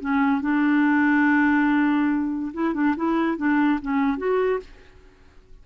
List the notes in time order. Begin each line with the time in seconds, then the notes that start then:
0.00 C#4
0.41 D4
2.54 E4
2.74 D4
2.96 E4
3.37 D4
3.81 C#4
4.17 F#4